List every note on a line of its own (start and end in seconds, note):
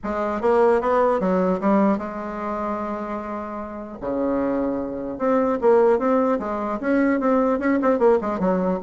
0.03 0.41 G#3
0.41 0.81 A#3
0.81 1.20 B3
1.20 1.60 F#3
1.60 1.98 G3
1.98 3.98 G#3
4.01 5.18 C#3
5.18 5.58 C4
5.61 5.99 A#3
5.99 6.39 C4
6.39 6.79 G#3
6.80 7.20 C#4
7.20 7.59 C4
7.59 7.79 C#4
7.81 7.99 C4
7.99 8.19 A#3
8.21 8.39 G#3
8.39 8.79 F#3